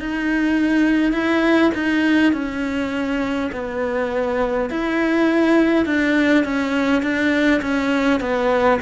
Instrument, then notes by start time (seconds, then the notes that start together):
cello
0.00 D#4
1.13 E4
1.75 D#4
2.33 C#4
3.52 B3
4.70 E4
5.86 D4
6.44 C#4
7.03 D4
7.61 C#4
8.21 B3